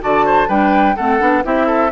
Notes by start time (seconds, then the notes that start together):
0.00 D3 F#4 D5 A5
0.25 C5
0.48 G3 D4 B4 G5
0.96 A3 C4 A4 F#5
1.19 B3 D4
1.43 C4 E4 G4 E5
1.66 A4